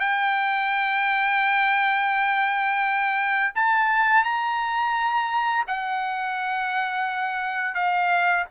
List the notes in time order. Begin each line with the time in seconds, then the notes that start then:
0.00 G5
3.56 A5
4.24 A#5
5.68 F#5
7.75 F5